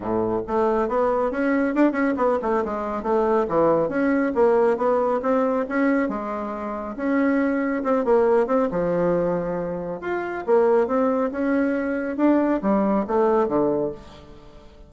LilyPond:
\new Staff \with { instrumentName = "bassoon" } { \time 4/4 \tempo 4 = 138 a,4 a4 b4 cis'4 | d'8 cis'8 b8 a8 gis4 a4 | e4 cis'4 ais4 b4 | c'4 cis'4 gis2 |
cis'2 c'8 ais4 c'8 | f2. f'4 | ais4 c'4 cis'2 | d'4 g4 a4 d4 | }